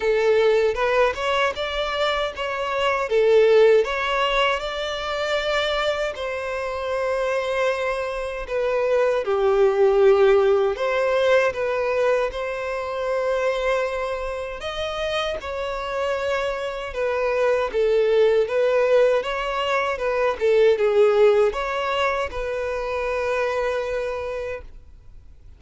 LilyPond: \new Staff \with { instrumentName = "violin" } { \time 4/4 \tempo 4 = 78 a'4 b'8 cis''8 d''4 cis''4 | a'4 cis''4 d''2 | c''2. b'4 | g'2 c''4 b'4 |
c''2. dis''4 | cis''2 b'4 a'4 | b'4 cis''4 b'8 a'8 gis'4 | cis''4 b'2. | }